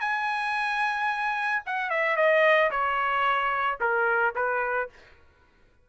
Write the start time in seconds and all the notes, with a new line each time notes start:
0.00 G#5
1.65 F#5
1.89 E5
2.16 D#5
2.70 C#5
3.80 A#4
4.35 B4